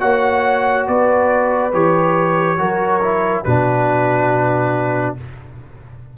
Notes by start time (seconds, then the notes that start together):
0.00 A#3 F#4 C#5 F#5
0.87 B3 B4 D5
1.73 E3 G4 C#5
2.58 F#3 F#4 A#4
3.02 E4
3.44 B2 D4 F#4 B4